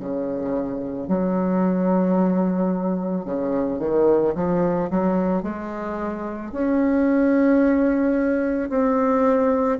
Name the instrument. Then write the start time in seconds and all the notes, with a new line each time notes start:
bassoon
0.00 C#3
1.08 F#3
3.25 C#3
3.80 D#3
4.35 F3
4.91 F#3
5.43 G#3
6.52 C#4
8.70 C4